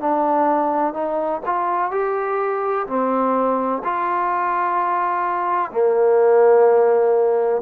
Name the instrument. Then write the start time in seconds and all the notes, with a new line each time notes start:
trombone
0.00 D4
0.93 D#4
1.45 F4
1.91 G4
2.87 C4
3.84 F4
5.71 A#3